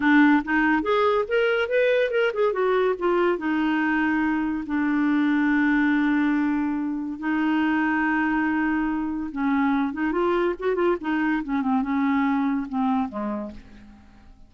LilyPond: \new Staff \with { instrumentName = "clarinet" } { \time 4/4 \tempo 4 = 142 d'4 dis'4 gis'4 ais'4 | b'4 ais'8 gis'8 fis'4 f'4 | dis'2. d'4~ | d'1~ |
d'4 dis'2.~ | dis'2 cis'4. dis'8 | f'4 fis'8 f'8 dis'4 cis'8 c'8 | cis'2 c'4 gis4 | }